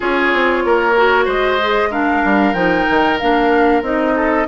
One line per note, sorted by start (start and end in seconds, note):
0.00 0.33 C#4
0.00 0.92 F4
0.00 0.63 G#4
0.00 1.28 C#5
0.33 0.64 C4
0.64 1.26 A#3
0.64 1.25 A#4
0.96 1.60 F#4
1.25 2.22 G#3
1.25 1.88 C5
1.25 1.92 D#5
1.61 1.90 G#4
1.90 2.54 D4
1.90 4.14 A#4
1.90 2.53 F5
2.24 2.53 G3
2.53 2.85 F3
2.53 3.18 D#4
2.53 3.17 G5
2.89 3.21 D#3
3.18 3.82 A#3
3.18 3.83 D4
3.18 3.82 F5
3.82 4.46 C4
3.82 4.47 D#4
3.82 4.47 D#5
4.15 4.47 A4